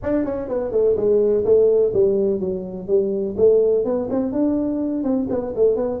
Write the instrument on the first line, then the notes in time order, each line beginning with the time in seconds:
tuba
0.02 D4
0.24 C#4
0.48 B3
0.71 A3
0.96 G#3
1.44 A3
1.93 G3
2.40 F#3
2.87 G3
3.37 A3
3.84 B3
4.10 C4
4.32 D4
5.03 C4
5.29 B3
5.55 A3
5.76 B3